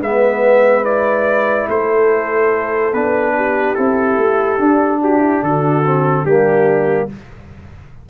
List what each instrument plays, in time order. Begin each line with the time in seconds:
0.00 tuba G#3, trombone B3, horn B4, trumpet E5
0.85 trombone E4, trumpet D5
1.69 tuba A3, horn A4, trumpet C5
2.93 tuba B3, trombone D4, trumpet B4
3.37 horn G4
3.75 tuba C4, trombone E4, trumpet A4
4.18 tuba A3
4.59 trombone D4, tuba D4
5.02 horn F#4, trumpet G4
5.20 horn E4
5.43 tuba D3, horn F#4, trumpet A4
5.86 trombone C4
6.25 tuba G3, trombone A#3, horn D4, trumpet G4